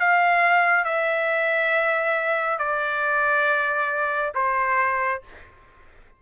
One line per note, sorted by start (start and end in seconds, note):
0.00 0.85 F5
0.85 2.58 E5
2.59 4.33 D5
4.35 5.22 C5